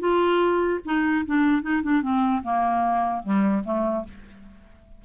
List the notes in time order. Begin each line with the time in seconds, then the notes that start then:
0.00 F4
0.86 D#4
1.26 D4
1.63 D#4
1.83 D4
2.02 C4
2.44 A#3
3.23 G3
3.65 A3